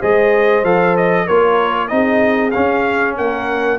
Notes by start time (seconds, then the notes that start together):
0.00 G#3 G#4 C5 D#5
0.63 F3 A4 F5
0.97 D#5
1.26 A#3 F4 A#4 C#5
1.88 C4 D#4 G#4 D#5
2.51 C#4 F5
3.17 A#3 A#4 F#5